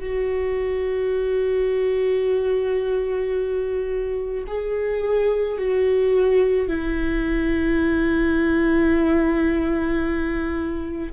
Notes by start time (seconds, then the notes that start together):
0.00 F#4
4.47 G#4
5.58 F#4
6.68 E4